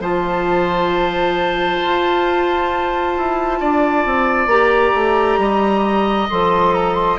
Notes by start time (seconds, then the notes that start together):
0.00 F3 F4 C5 A5
1.85 F4
3.18 E4
3.60 D4 D5
4.06 C4
4.47 A#3 G4 A#5
4.95 A3
5.38 G3 D#5
6.30 F3 A4 C6
6.74 A#5
6.95 C6